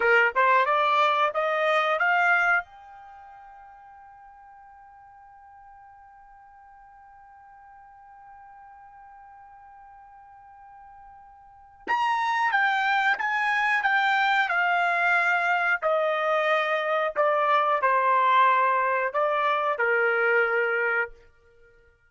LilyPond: \new Staff \with { instrumentName = "trumpet" } { \time 4/4 \tempo 4 = 91 ais'8 c''8 d''4 dis''4 f''4 | g''1~ | g''1~ | g''1~ |
g''2 ais''4 g''4 | gis''4 g''4 f''2 | dis''2 d''4 c''4~ | c''4 d''4 ais'2 | }